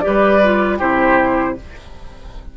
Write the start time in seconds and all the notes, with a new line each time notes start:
0.00 G4 D5
0.06 G3 B4
0.44 F4
0.79 C3 E4 G4 C5